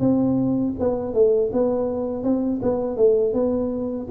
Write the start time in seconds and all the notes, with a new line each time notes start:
0.00 C4
0.80 B3
1.14 A3
1.53 B3
2.24 C4
2.63 B3
2.97 A3
3.34 B3